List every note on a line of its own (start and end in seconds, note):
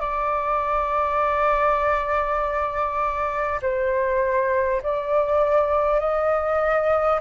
0.00 3.60 D5
3.61 4.81 C5
4.82 5.99 D5
5.99 7.19 D#5